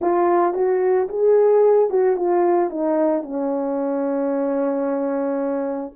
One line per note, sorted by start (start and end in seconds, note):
0.01 0.54 F4
0.54 1.08 F#4
1.08 1.89 G#4
1.89 2.16 F#4
2.16 2.70 F4
2.70 3.23 D#4
3.23 5.93 C#4